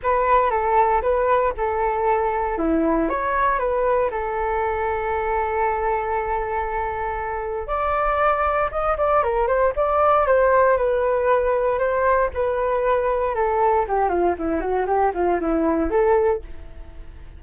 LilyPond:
\new Staff \with { instrumentName = "flute" } { \time 4/4 \tempo 4 = 117 b'4 a'4 b'4 a'4~ | a'4 e'4 cis''4 b'4 | a'1~ | a'2. d''4~ |
d''4 dis''8 d''8 ais'8 c''8 d''4 | c''4 b'2 c''4 | b'2 a'4 g'8 f'8 | e'8 fis'8 g'8 f'8 e'4 a'4 | }